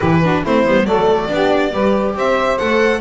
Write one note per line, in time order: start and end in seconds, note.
0.00 0.44 E3
0.00 0.23 E4
0.00 0.21 G4
0.00 0.43 B4
0.22 0.45 D4
0.22 0.41 F#4
0.41 0.67 A3
0.41 0.65 C4
0.41 0.84 E4
0.41 0.86 C5
0.65 0.85 G3
0.65 0.86 B3
0.85 1.28 F#3
0.85 1.28 A3
0.85 1.29 A4
0.85 2.15 D5
1.28 1.72 B3
1.28 1.71 D4
1.28 1.72 G4
1.72 2.15 G3
1.72 2.59 G4
1.72 2.15 B4
2.15 2.58 C4
2.15 3.01 C5
2.15 2.58 E5
2.58 3.01 A3
2.58 3.01 A4
2.58 3.01 F#5